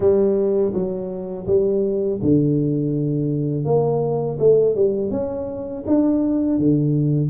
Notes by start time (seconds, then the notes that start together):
0.00 G3
0.73 F#3
1.46 G3
2.22 D3
3.65 A#3
4.39 A3
4.75 G3
5.11 C#4
5.87 D4
6.58 D3